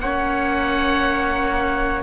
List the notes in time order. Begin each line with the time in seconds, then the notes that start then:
0.00 A#3 C#4 C#5 F#5